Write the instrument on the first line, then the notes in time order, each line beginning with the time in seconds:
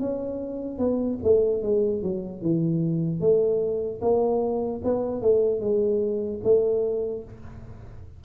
tuba
0.00 C#4
0.79 B3
1.23 A3
1.63 G#3
2.03 F#3
2.42 E3
3.21 A3
4.01 A#3
4.84 B3
5.21 A3
5.60 G#3
6.44 A3